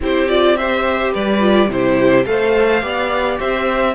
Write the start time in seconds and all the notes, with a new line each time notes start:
0.00 C4 E4 G4 C5
0.28 F4 D5
0.56 G4 C5 E5
1.12 G3 B4 D5
1.40 F4
1.68 C3 E4 G4 C5
2.25 A3 A4 C5 F5
2.81 B3 G4 D5
3.39 C4 C5 E5